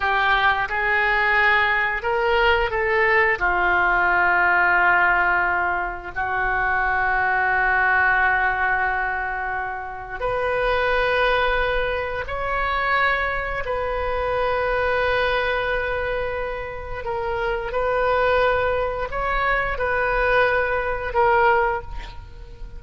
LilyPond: \new Staff \with { instrumentName = "oboe" } { \time 4/4 \tempo 4 = 88 g'4 gis'2 ais'4 | a'4 f'2.~ | f'4 fis'2.~ | fis'2. b'4~ |
b'2 cis''2 | b'1~ | b'4 ais'4 b'2 | cis''4 b'2 ais'4 | }